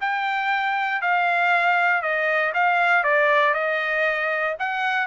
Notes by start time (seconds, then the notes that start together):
0.00 G5
1.01 F5
2.02 D#5
2.54 F5
3.03 D5
3.54 D#5
4.59 F#5